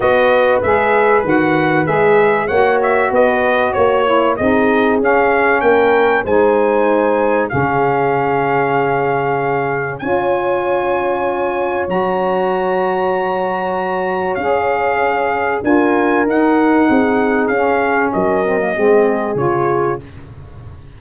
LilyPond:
<<
  \new Staff \with { instrumentName = "trumpet" } { \time 4/4 \tempo 4 = 96 dis''4 e''4 fis''4 e''4 | fis''8 e''8 dis''4 cis''4 dis''4 | f''4 g''4 gis''2 | f''1 |
gis''2. ais''4~ | ais''2. f''4~ | f''4 gis''4 fis''2 | f''4 dis''2 cis''4 | }
  \new Staff \with { instrumentName = "horn" } { \time 4/4 b'1 | cis''4 b'4 cis''4 gis'4~ | gis'4 ais'4 c''2 | gis'1 |
cis''1~ | cis''1~ | cis''4 ais'2 gis'4~ | gis'4 ais'4 gis'2 | }
  \new Staff \with { instrumentName = "saxophone" } { \time 4/4 fis'4 gis'4 fis'4 gis'4 | fis'2~ fis'8 e'8 dis'4 | cis'2 dis'2 | cis'1 |
f'2. fis'4~ | fis'2. gis'4~ | gis'4 f'4 dis'2 | cis'4. c'16 ais16 c'4 f'4 | }
  \new Staff \with { instrumentName = "tuba" } { \time 4/4 b4 gis4 dis4 gis4 | ais4 b4 ais4 c'4 | cis'4 ais4 gis2 | cis1 |
cis'2. fis4~ | fis2. cis'4~ | cis'4 d'4 dis'4 c'4 | cis'4 fis4 gis4 cis4 | }
>>